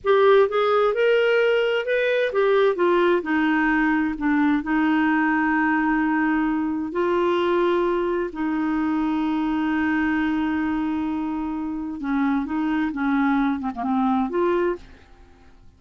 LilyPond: \new Staff \with { instrumentName = "clarinet" } { \time 4/4 \tempo 4 = 130 g'4 gis'4 ais'2 | b'4 g'4 f'4 dis'4~ | dis'4 d'4 dis'2~ | dis'2. f'4~ |
f'2 dis'2~ | dis'1~ | dis'2 cis'4 dis'4 | cis'4. c'16 ais16 c'4 f'4 | }